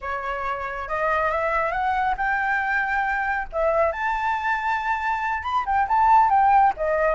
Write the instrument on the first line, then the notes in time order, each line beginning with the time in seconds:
flute
0.01 C#5
0.88 D#5
1.31 E5
1.71 F#5
2.17 G5
3.52 E5
3.92 A5
5.42 B5
5.65 G5
5.88 A5
6.29 G5
6.76 D#5